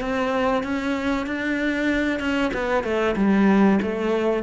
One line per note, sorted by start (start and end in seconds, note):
0.00 0.63 C4
0.63 1.26 C#4
1.26 2.19 D4
2.19 2.51 C#4
2.53 2.83 B3
2.83 3.15 A3
3.16 3.79 G3
3.82 4.43 A3